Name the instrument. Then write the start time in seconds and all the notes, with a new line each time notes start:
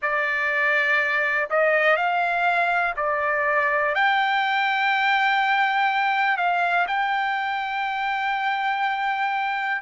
trumpet
0.01 D5
1.50 D#5
1.96 F5
2.96 D5
3.94 G5
6.37 F5
6.87 G5